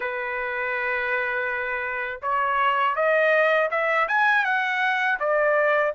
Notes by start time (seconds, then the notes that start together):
0.00 B4
2.22 C#5
2.95 D#5
3.70 E5
4.07 G#5
4.44 F#5
5.19 D5